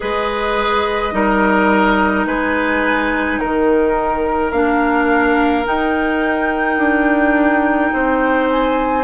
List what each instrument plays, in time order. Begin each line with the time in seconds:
0.00 bassoon G#3, clarinet G#4, oboe B4, flute D#5
1.11 bassoon G3, clarinet D#4, oboe A#4
2.25 bassoon G#3, oboe B4, flute G#5
3.39 bassoon D#3, flute A#4, oboe A#4
4.52 bassoon A#3, clarinet D4, flute F5
5.64 clarinet D#4, bassoon D#4, flute G5
6.78 bassoon D4
7.93 bassoon C4, oboe C5
8.50 flute G#5